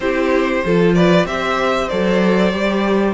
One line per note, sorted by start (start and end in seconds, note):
0.00 0.63 C4
0.00 0.64 E4
0.00 0.64 G4
0.00 0.94 C5
0.64 1.24 F3
0.64 1.27 F4
0.64 0.95 A4
0.94 1.27 B4
0.94 1.26 D5
1.24 1.87 C4
1.24 1.90 G4
1.24 3.14 C5
1.24 1.88 E5
1.88 2.53 F#3
1.88 2.52 A4
1.88 3.14 D5
2.52 3.14 G3
2.52 3.14 G4